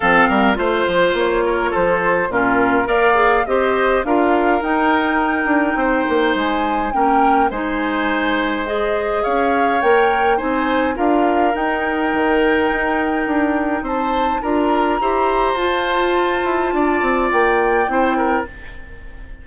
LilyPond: <<
  \new Staff \with { instrumentName = "flute" } { \time 4/4 \tempo 4 = 104 f''4 c''4 cis''4 c''4 | ais'4 f''4 dis''4 f''4 | g''2. gis''4 | g''4 gis''2 dis''4 |
f''4 g''4 gis''4 f''4 | g''1 | a''4 ais''2 a''4~ | a''2 g''2 | }
  \new Staff \with { instrumentName = "oboe" } { \time 4/4 a'8 ais'8 c''4. ais'8 a'4 | f'4 d''4 c''4 ais'4~ | ais'2 c''2 | ais'4 c''2. |
cis''2 c''4 ais'4~ | ais'1 | c''4 ais'4 c''2~ | c''4 d''2 c''8 ais'8 | }
  \new Staff \with { instrumentName = "clarinet" } { \time 4/4 c'4 f'2. | cis'4 ais'8 gis'8 g'4 f'4 | dis'1 | cis'4 dis'2 gis'4~ |
gis'4 ais'4 dis'4 f'4 | dis'1~ | dis'4 f'4 g'4 f'4~ | f'2. e'4 | }
  \new Staff \with { instrumentName = "bassoon" } { \time 4/4 f8 g8 a8 f8 ais4 f4 | ais,4 ais4 c'4 d'4 | dis'4. d'8 c'8 ais8 gis4 | ais4 gis2. |
cis'4 ais4 c'4 d'4 | dis'4 dis4 dis'4 d'4 | c'4 d'4 e'4 f'4~ | f'8 e'8 d'8 c'8 ais4 c'4 | }
>>